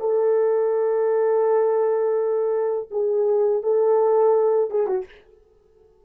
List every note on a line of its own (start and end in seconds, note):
0.00 2.89 A4
2.91 3.63 G#4
3.63 4.71 A4
4.71 4.87 G#4
4.87 5.05 F#4